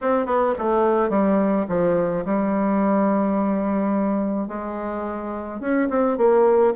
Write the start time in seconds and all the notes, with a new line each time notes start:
0.01 C4
0.25 B3
0.58 A3
1.09 G3
1.68 F3
2.25 G3
4.48 G#3
5.60 C#4
5.89 C4
6.17 A#3